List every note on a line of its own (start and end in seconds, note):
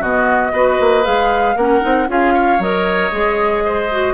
0.00 0.52 B2
0.00 0.54 B3
0.00 0.52 F#4
0.00 1.05 D#5
0.52 0.78 B3
0.52 1.03 F#4
0.52 1.56 B4
0.80 1.06 A#3
1.03 1.56 G#3
1.03 1.55 G#4
1.03 1.57 F5
1.56 1.82 A#3
1.56 1.81 C#4
1.56 2.08 A#4
1.56 2.09 F#5
1.81 2.08 C4
1.81 2.07 D#4
2.08 2.59 C#4
2.08 2.59 F4
2.08 2.34 G#4
2.08 2.62 F5
2.34 3.63 C#5
2.59 3.11 F#3
2.59 3.12 A#4
2.59 4.14 D#5
3.12 4.14 G#3
3.12 3.89 G#4
3.65 4.14 C5
3.91 4.14 F#4